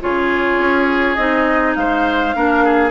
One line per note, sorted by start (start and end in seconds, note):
0.00 0.58 C#3
0.00 1.17 F4
0.00 1.77 G#4
0.00 1.15 C#5
0.58 1.17 C#4
1.15 1.75 C4
1.15 2.34 D#4
1.15 1.73 D#5
1.75 2.34 G#3
1.75 2.35 C5
1.75 2.91 F5
2.34 2.91 A#3
2.34 2.91 D4
2.34 2.64 A#4
2.64 2.91 G#4